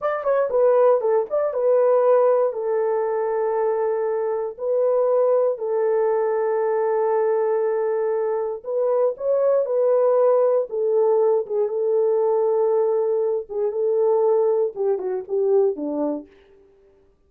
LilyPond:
\new Staff \with { instrumentName = "horn" } { \time 4/4 \tempo 4 = 118 d''8 cis''8 b'4 a'8 d''8 b'4~ | b'4 a'2.~ | a'4 b'2 a'4~ | a'1~ |
a'4 b'4 cis''4 b'4~ | b'4 a'4. gis'8 a'4~ | a'2~ a'8 gis'8 a'4~ | a'4 g'8 fis'8 g'4 d'4 | }